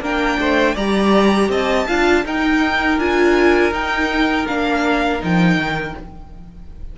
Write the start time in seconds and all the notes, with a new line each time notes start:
0.00 A#3 D4 A#4 G5
0.38 A3 C5
0.75 G3 G4 D5 A#5
1.49 C4 D#5 A5
1.87 D4 F4 F5
2.25 D#4 A#4 G5
2.98 D4 F4 G#5
3.71 D#4 G5
4.47 A#3 D4 F5
5.19 F3 D#4 G5
5.56 D#3